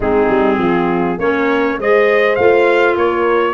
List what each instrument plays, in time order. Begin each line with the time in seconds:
0.00 tuba G#3, clarinet C4, horn D#4, trumpet G#4
0.29 tuba G3
0.58 tuba F3, horn F4
1.18 tuba A#3, clarinet C#4, horn A#4, trumpet C#5
1.78 tuba G#3, clarinet G#4, horn C5, trumpet D#5
2.35 tuba A3, clarinet F4, trumpet F5
2.96 tuba A#3, horn A#4, trumpet C#5